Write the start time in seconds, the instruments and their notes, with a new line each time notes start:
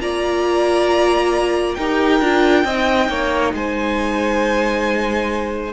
0.00 cello A#3, viola F4, violin D5 A#5
1.74 cello D#4, viola G4, violin A#4 G5
2.20 cello D4, viola F4
2.64 cello C4, violin D#5
2.70 viola D#4
3.08 cello A#3, violin C#5
3.53 cello G#3, violin C5 G#5